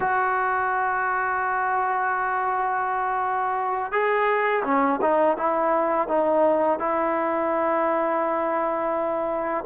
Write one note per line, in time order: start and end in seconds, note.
0.00 3.92 F#4
3.92 4.63 G#4
4.64 5.00 C#4
5.01 5.37 D#4
5.37 6.07 E4
6.07 6.79 D#4
6.79 9.64 E4